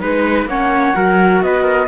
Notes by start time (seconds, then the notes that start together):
0.00 G#3 D#4 B4
0.46 A#3 C#4 C#5 F#5
0.94 F#3 F#4 A#4
1.42 B3 B4 D#5
1.63 A#4